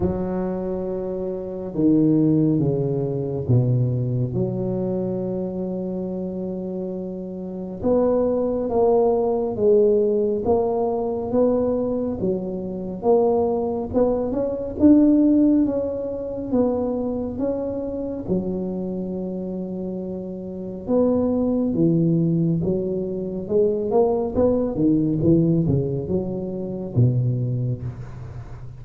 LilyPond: \new Staff \with { instrumentName = "tuba" } { \time 4/4 \tempo 4 = 69 fis2 dis4 cis4 | b,4 fis2.~ | fis4 b4 ais4 gis4 | ais4 b4 fis4 ais4 |
b8 cis'8 d'4 cis'4 b4 | cis'4 fis2. | b4 e4 fis4 gis8 ais8 | b8 dis8 e8 cis8 fis4 b,4 | }